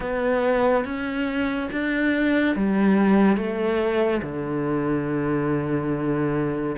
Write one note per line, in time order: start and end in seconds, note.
0.00 0.85 B3
0.85 1.69 C#4
1.71 2.55 D4
2.55 3.36 G3
3.36 4.21 A3
4.22 6.76 D3